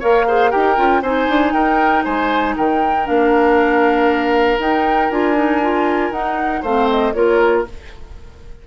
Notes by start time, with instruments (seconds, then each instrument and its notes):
0.00 bassoon A#3, clarinet A#4, oboe C#5, flute F5
0.27 clarinet G#4, oboe C5
0.51 bassoon D#4, clarinet G4, oboe A#4, flute G5
0.77 bassoon C#4, clarinet F4
1.02 bassoon C4, clarinet D#4, oboe C5, flute G#5
1.29 bassoon D4
1.52 bassoon D#4, oboe A#4, flute G5
2.04 bassoon G#3, oboe C5, flute G#5
2.57 bassoon D#3, oboe A#4, flute G5
3.05 bassoon A#3, clarinet D4, flute F5
4.59 bassoon D#4, clarinet D#4, flute G5
5.10 bassoon D4, clarinet F4, flute G#5
5.35 clarinet D#4
5.62 clarinet F4
6.11 bassoon D#4, clarinet D#4, flute F#5
6.62 bassoon A3, clarinet C4, oboe C5, flute F5
6.91 flute D#5
7.13 bassoon A#3, clarinet F4, oboe A#4, flute C#5